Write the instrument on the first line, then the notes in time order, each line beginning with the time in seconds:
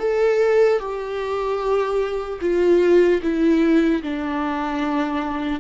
viola
0.00 A4
0.80 G4
2.41 F4
3.23 E4
4.03 D4